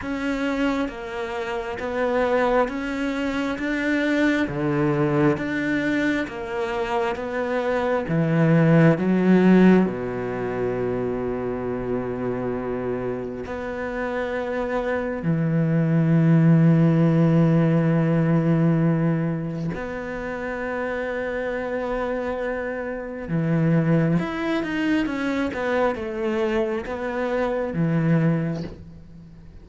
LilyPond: \new Staff \with { instrumentName = "cello" } { \time 4/4 \tempo 4 = 67 cis'4 ais4 b4 cis'4 | d'4 d4 d'4 ais4 | b4 e4 fis4 b,4~ | b,2. b4~ |
b4 e2.~ | e2 b2~ | b2 e4 e'8 dis'8 | cis'8 b8 a4 b4 e4 | }